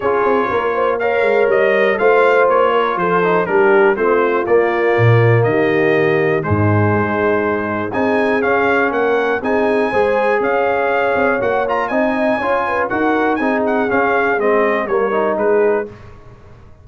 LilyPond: <<
  \new Staff \with { instrumentName = "trumpet" } { \time 4/4 \tempo 4 = 121 cis''2 f''4 dis''4 | f''4 cis''4 c''4 ais'4 | c''4 d''2 dis''4~ | dis''4 c''2. |
gis''4 f''4 fis''4 gis''4~ | gis''4 f''2 fis''8 ais''8 | gis''2 fis''4 gis''8 fis''8 | f''4 dis''4 cis''4 b'4 | }
  \new Staff \with { instrumentName = "horn" } { \time 4/4 gis'4 ais'8 c''8 cis''2 | c''4. ais'8 a'4 g'4 | f'2. g'4~ | g'4 dis'2. |
gis'2 ais'4 gis'4 | c''4 cis''2. | dis''4 cis''8 b'8 ais'4 gis'4~ | gis'2 ais'4 gis'4 | }
  \new Staff \with { instrumentName = "trombone" } { \time 4/4 f'2 ais'2 | f'2~ f'8 dis'8 d'4 | c'4 ais2.~ | ais4 gis2. |
dis'4 cis'2 dis'4 | gis'2. fis'8 f'8 | dis'4 f'4 fis'4 dis'4 | cis'4 c'4 ais8 dis'4. | }
  \new Staff \with { instrumentName = "tuba" } { \time 4/4 cis'8 c'8 ais4. gis8 g4 | a4 ais4 f4 g4 | a4 ais4 ais,4 dis4~ | dis4 gis,4 gis2 |
c'4 cis'4 ais4 c'4 | gis4 cis'4. c'8 ais4 | c'4 cis'4 dis'4 c'4 | cis'4 gis4 g4 gis4 | }
>>